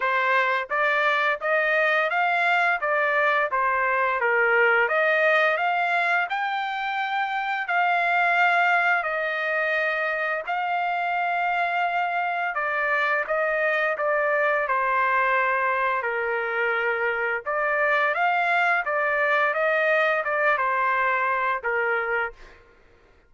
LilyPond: \new Staff \with { instrumentName = "trumpet" } { \time 4/4 \tempo 4 = 86 c''4 d''4 dis''4 f''4 | d''4 c''4 ais'4 dis''4 | f''4 g''2 f''4~ | f''4 dis''2 f''4~ |
f''2 d''4 dis''4 | d''4 c''2 ais'4~ | ais'4 d''4 f''4 d''4 | dis''4 d''8 c''4. ais'4 | }